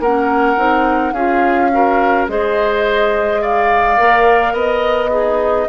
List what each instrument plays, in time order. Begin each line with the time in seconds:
0.00 bassoon A#3, clarinet C#4, oboe A#4, flute F#5
0.57 bassoon C4, clarinet D#4
1.13 bassoon C#4, clarinet F4, oboe G#4, flute F5
1.72 clarinet F#4, oboe A#4
2.29 bassoon G#3, clarinet G#4, oboe C5, flute D#5
3.42 oboe D5, flute F5
3.97 bassoon A#3, clarinet A#4
4.54 bassoon B3, oboe D#5, flute D#5
5.11 oboe D#4, clarinet G#4